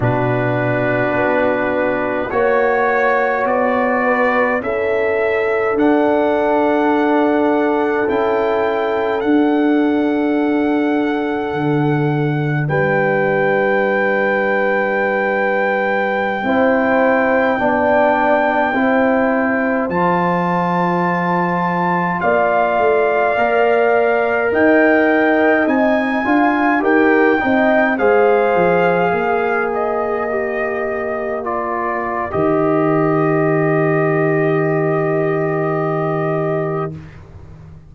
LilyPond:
<<
  \new Staff \with { instrumentName = "trumpet" } { \time 4/4 \tempo 4 = 52 b'2 cis''4 d''4 | e''4 fis''2 g''4 | fis''2. g''4~ | g''1~ |
g''4~ g''16 a''2 f''8.~ | f''4~ f''16 g''4 gis''4 g''8.~ | g''16 f''4. dis''4. d''8. | dis''1 | }
  \new Staff \with { instrumentName = "horn" } { \time 4/4 fis'2 cis''4. b'8 | a'1~ | a'2. b'4~ | b'2~ b'16 c''4 d''8.~ |
d''16 c''2. d''8.~ | d''4~ d''16 dis''4. f''8 ais'8 dis''16~ | dis''16 c''4 ais'2~ ais'8.~ | ais'1 | }
  \new Staff \with { instrumentName = "trombone" } { \time 4/4 d'2 fis'2 | e'4 d'2 e'4 | d'1~ | d'2~ d'16 e'4 d'8.~ |
d'16 e'4 f'2~ f'8.~ | f'16 ais'2 dis'8 f'8 g'8 dis'16~ | dis'16 gis'2 g'4 f'8. | g'1 | }
  \new Staff \with { instrumentName = "tuba" } { \time 4/4 b,4 b4 ais4 b4 | cis'4 d'2 cis'4 | d'2 d4 g4~ | g2~ g16 c'4 b8.~ |
b16 c'4 f2 ais8 a16~ | a16 ais4 dis'4 c'8 d'8 dis'8 c'16~ | c'16 gis8 f8 ais2~ ais8. | dis1 | }
>>